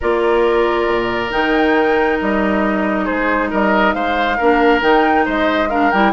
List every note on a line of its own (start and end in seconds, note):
0.00 0.86 A#3
0.00 1.30 F4
0.00 3.04 A#4
0.00 1.31 D5
0.86 1.30 A#2
1.30 2.20 D#3
1.30 4.36 D#4
1.30 2.19 G5
2.19 3.08 G3
2.19 3.05 D#5
3.04 3.52 G#3
3.04 3.48 G#4
3.04 3.49 C5
3.50 3.94 G3
3.50 3.94 A#4
3.50 3.93 D#5
3.93 4.38 G#3
3.93 4.37 C5
3.93 4.81 F5
4.37 4.82 A#3
4.37 4.81 D4
4.37 5.25 A#4
4.81 5.25 D#3
4.81 5.68 D#4
4.81 5.25 G5
5.25 5.92 G#3
5.25 5.69 C5
5.25 5.69 D#5
5.69 5.91 D4
5.69 6.12 A#4
5.69 5.90 F5
5.90 6.12 G3
5.90 6.12 E4
5.90 6.12 G5